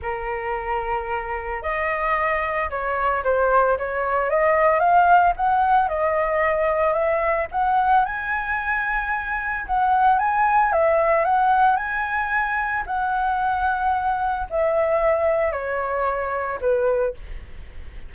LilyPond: \new Staff \with { instrumentName = "flute" } { \time 4/4 \tempo 4 = 112 ais'2. dis''4~ | dis''4 cis''4 c''4 cis''4 | dis''4 f''4 fis''4 dis''4~ | dis''4 e''4 fis''4 gis''4~ |
gis''2 fis''4 gis''4 | e''4 fis''4 gis''2 | fis''2. e''4~ | e''4 cis''2 b'4 | }